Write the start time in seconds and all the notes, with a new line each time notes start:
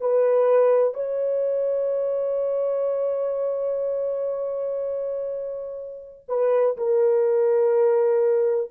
0.00 B4
0.93 C#5
6.28 B4
6.77 A#4